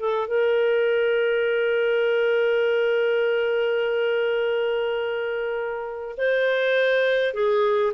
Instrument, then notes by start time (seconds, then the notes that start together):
clarinet
0.00 A4
0.28 A#4
6.17 C5
7.34 G#4